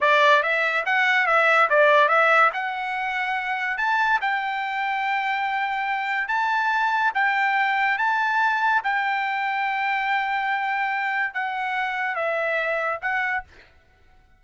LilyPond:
\new Staff \with { instrumentName = "trumpet" } { \time 4/4 \tempo 4 = 143 d''4 e''4 fis''4 e''4 | d''4 e''4 fis''2~ | fis''4 a''4 g''2~ | g''2. a''4~ |
a''4 g''2 a''4~ | a''4 g''2.~ | g''2. fis''4~ | fis''4 e''2 fis''4 | }